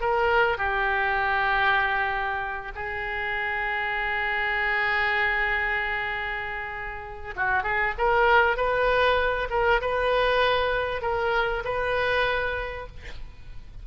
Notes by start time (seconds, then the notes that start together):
0.00 A#4
0.58 G4
2.75 G#4
7.36 F#4
7.63 G#4
7.98 A#4
8.57 B4
9.50 A#4
9.81 B4
11.02 A#4
11.64 B4